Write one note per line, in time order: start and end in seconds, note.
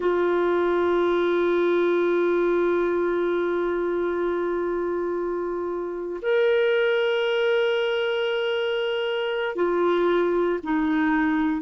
0.00 6.20 F4
6.22 9.55 A#4
9.55 10.59 F4
10.63 11.61 D#4